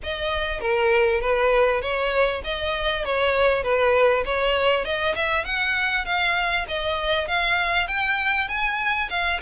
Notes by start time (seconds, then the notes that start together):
0.03 D#5
0.60 A#4
1.20 B4
1.81 C#5
2.44 D#5
3.05 C#5
3.63 B4
4.25 C#5
4.84 D#5
5.15 E5
5.44 F#5
6.05 F5
6.67 D#5
7.27 F5
7.87 G5
8.48 G#5
9.09 F5